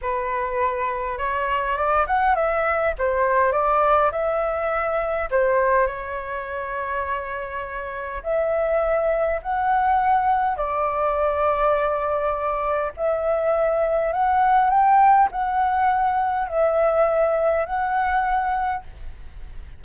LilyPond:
\new Staff \with { instrumentName = "flute" } { \time 4/4 \tempo 4 = 102 b'2 cis''4 d''8 fis''8 | e''4 c''4 d''4 e''4~ | e''4 c''4 cis''2~ | cis''2 e''2 |
fis''2 d''2~ | d''2 e''2 | fis''4 g''4 fis''2 | e''2 fis''2 | }